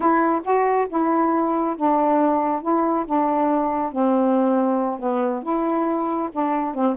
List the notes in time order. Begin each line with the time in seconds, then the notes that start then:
0.00 E4
0.44 F#4
0.89 E4
1.76 D4
2.62 E4
3.06 D4
3.92 C4
4.99 B3
5.42 E4
6.31 D4
6.74 C4